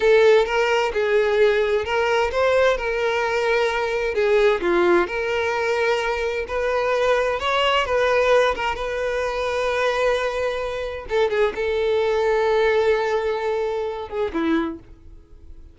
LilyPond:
\new Staff \with { instrumentName = "violin" } { \time 4/4 \tempo 4 = 130 a'4 ais'4 gis'2 | ais'4 c''4 ais'2~ | ais'4 gis'4 f'4 ais'4~ | ais'2 b'2 |
cis''4 b'4. ais'8 b'4~ | b'1 | a'8 gis'8 a'2.~ | a'2~ a'8 gis'8 e'4 | }